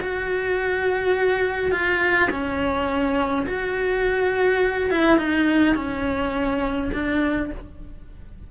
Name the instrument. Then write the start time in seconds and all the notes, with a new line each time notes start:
cello
0.00 F#4
1.71 F4
2.30 C#4
3.46 F#4
4.90 E4
5.18 D#4
5.75 C#4
6.93 D4